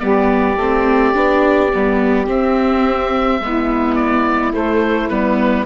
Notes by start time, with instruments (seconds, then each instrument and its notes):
0.00 bassoon G3, viola B3, saxophone G4, oboe D5
0.57 bassoon A3, viola C4
1.15 bassoon B3, viola D4
1.73 bassoon G3, viola B3
2.27 viola C4, bassoon C4, oboe E5
3.40 bassoon G#3, viola B3, saxophone E4
3.96 oboe D5
4.53 viola A3, bassoon A3, oboe C5
5.09 bassoon G3, viola B3, oboe B4